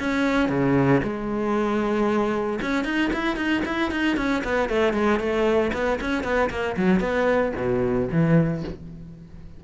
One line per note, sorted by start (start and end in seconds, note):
0.00 0.49 C#4
0.49 1.01 C#3
1.03 2.60 G#3
2.62 2.85 C#4
2.85 3.11 D#4
3.13 3.37 E4
3.37 3.63 D#4
3.65 3.91 E4
3.91 4.17 D#4
4.17 4.43 C#4
4.44 4.69 B3
4.69 4.94 A3
4.94 5.20 G#3
5.20 5.72 A3
5.73 6.00 B3
6.01 6.24 C#4
6.24 6.50 B3
6.50 6.76 A#3
6.77 7.00 F#3
7.00 7.52 B3
7.57 8.09 B2
8.12 8.64 E3